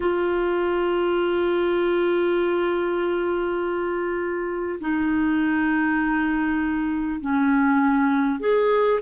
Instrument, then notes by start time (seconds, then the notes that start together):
clarinet
0.00 F4
4.80 D#4
7.20 C#4
8.39 G#4